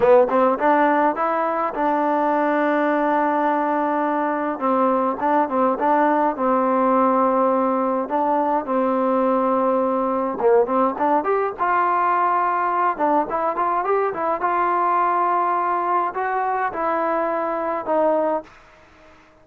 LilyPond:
\new Staff \with { instrumentName = "trombone" } { \time 4/4 \tempo 4 = 104 b8 c'8 d'4 e'4 d'4~ | d'1 | c'4 d'8 c'8 d'4 c'4~ | c'2 d'4 c'4~ |
c'2 ais8 c'8 d'8 g'8 | f'2~ f'8 d'8 e'8 f'8 | g'8 e'8 f'2. | fis'4 e'2 dis'4 | }